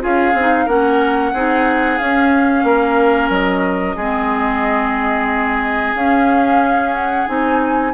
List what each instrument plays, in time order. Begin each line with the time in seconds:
0.00 bassoon C#4, clarinet F4, oboe G#4, flute F5
0.34 bassoon C4
0.40 clarinet D#4
0.65 bassoon A#3, clarinet C#4, oboe A#4, flute F#5
1.33 bassoon C4, clarinet D#4, oboe G#4
1.98 bassoon C#4, clarinet C#4, flute F5
2.64 bassoon A#3, oboe A#4
3.30 bassoon F#3, flute D#5
3.96 bassoon G#3, clarinet C4, oboe G#4
5.95 bassoon C#4, clarinet C#4, flute F5
6.94 flute F#5
7.27 bassoon C4, clarinet D#4, flute G#5